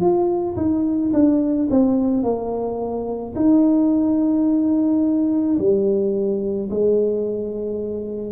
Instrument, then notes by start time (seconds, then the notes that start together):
tuba
0.00 F4
0.56 D#4
1.13 D4
1.70 C4
2.23 A#3
3.35 D#4
5.58 G3
6.70 G#3